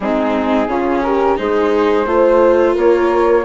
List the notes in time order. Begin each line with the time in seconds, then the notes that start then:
0.00 G#3 C4 D#4 G#4
0.67 C#3 C#4 F4
1.02 G4 A#4
1.36 G#3 D#4 G#4 C5
2.06 A3 F4 C5
2.75 A#3 A#4 C#5